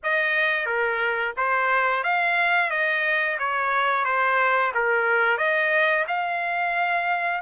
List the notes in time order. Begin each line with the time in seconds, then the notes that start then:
0.03 D#5
0.66 A#4
1.37 C5
2.03 F5
2.70 D#5
3.39 C#5
4.04 C5
4.74 A#4
5.37 D#5
6.07 F5